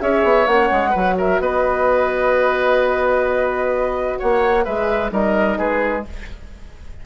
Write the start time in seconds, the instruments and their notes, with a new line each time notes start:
0.00 bassoon C#4, horn G#4, oboe C#5, flute E5
0.24 bassoon B3
0.47 bassoon A#3, horn C#4, flute F#5
0.71 bassoon G#3
0.90 bassoon F#3, horn F#4, oboe B4
1.18 oboe A#4, flute E5
1.40 bassoon B3, oboe B4, flute D#5
4.19 bassoon A#3, oboe C#5, flute F#5
4.64 bassoon G#3, horn G#4, oboe B4, flute E5
5.11 bassoon G3, horn D#4, oboe A#4, flute D#5
5.58 bassoon G#3, oboe G#4, flute B4